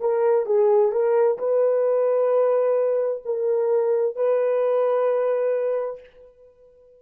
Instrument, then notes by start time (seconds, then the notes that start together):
horn
0.00 A#4
0.46 G#4
0.92 A#4
1.38 B4
3.25 A#4
4.16 B4